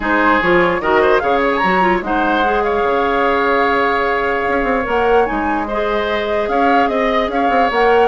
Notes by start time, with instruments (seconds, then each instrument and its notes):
0.00 bassoon G#3, clarinet D#4, oboe G#4, flute C5
0.41 bassoon F3, clarinet F4, flute C#5
0.80 bassoon D#3, clarinet F#4, oboe A#4, flute D#5
1.01 oboe C5
1.19 bassoon C#3, clarinet G#4, oboe C#5, flute F5
1.41 flute C#5
1.52 flute G#5 A#5
1.63 bassoon F#3, clarinet F#4
1.81 clarinet F4
2.01 bassoon G#3, clarinet D#4, oboe C5, flute F#5
2.44 clarinet G#4
2.63 oboe C#5, flute F5
2.83 bassoon C#3
4.48 bassoon C#4
4.63 bassoon C4
4.83 bassoon A#3, clarinet A#4, flute F#5
5.25 bassoon G#3, clarinet D#4, flute G#5
5.67 clarinet G#4, oboe C5, flute D#5
6.48 bassoon C#4, oboe C#5, flute F5
6.88 bassoon C4, flute D#5, oboe D#5
7.28 bassoon C#4, oboe C#5, flute F5
7.49 bassoon C4
7.70 bassoon A#3, clarinet A#4, flute F#5